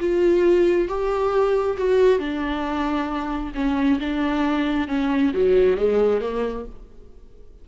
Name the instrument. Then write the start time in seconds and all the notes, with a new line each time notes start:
viola
0.00 F4
0.88 G4
1.78 F#4
2.19 D4
3.55 C#4
4.00 D4
4.88 C#4
5.34 F#3
5.77 G#3
6.21 A#3